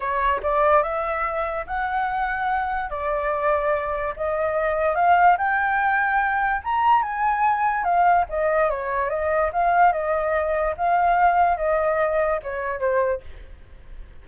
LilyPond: \new Staff \with { instrumentName = "flute" } { \time 4/4 \tempo 4 = 145 cis''4 d''4 e''2 | fis''2. d''4~ | d''2 dis''2 | f''4 g''2. |
ais''4 gis''2 f''4 | dis''4 cis''4 dis''4 f''4 | dis''2 f''2 | dis''2 cis''4 c''4 | }